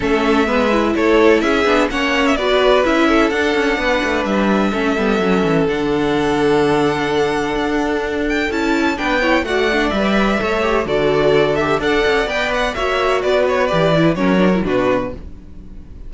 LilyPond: <<
  \new Staff \with { instrumentName = "violin" } { \time 4/4 \tempo 4 = 127 e''2 cis''4 e''4 | fis''8. e''16 d''4 e''4 fis''4~ | fis''4 e''2. | fis''1~ |
fis''4. g''8 a''4 g''4 | fis''4 e''2 d''4~ | d''8 e''8 fis''4 g''8 fis''8 e''4 | d''8 cis''8 d''4 cis''4 b'4 | }
  \new Staff \with { instrumentName = "violin" } { \time 4/4 a'4 b'4 a'4 gis'4 | cis''4 b'4. a'4. | b'2 a'2~ | a'1~ |
a'2. b'8 cis''8 | d''2 cis''4 a'4~ | a'4 d''2 cis''4 | b'2 ais'4 fis'4 | }
  \new Staff \with { instrumentName = "viola" } { \time 4/4 cis'4 b8 e'2 d'8 | cis'4 fis'4 e'4 d'4~ | d'2 cis'8 b8 cis'4 | d'1~ |
d'2 e'4 d'8 e'8 | fis'8 d'8 b'4 a'8 g'8 fis'4~ | fis'8 g'8 a'4 b'4 fis'4~ | fis'4 g'8 e'8 cis'8 d'16 e'16 d'4 | }
  \new Staff \with { instrumentName = "cello" } { \time 4/4 a4 gis4 a4 cis'8 b8 | ais4 b4 cis'4 d'8 cis'8 | b8 a8 g4 a8 g8 fis8 e8 | d1 |
d'2 cis'4 b4 | a4 g4 a4 d4~ | d4 d'8 cis'8 b4 ais4 | b4 e4 fis4 b,4 | }
>>